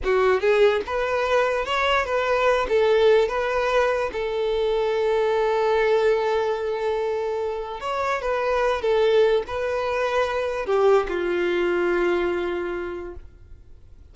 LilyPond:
\new Staff \with { instrumentName = "violin" } { \time 4/4 \tempo 4 = 146 fis'4 gis'4 b'2 | cis''4 b'4. a'4. | b'2 a'2~ | a'1~ |
a'2. cis''4 | b'4. a'4. b'4~ | b'2 g'4 f'4~ | f'1 | }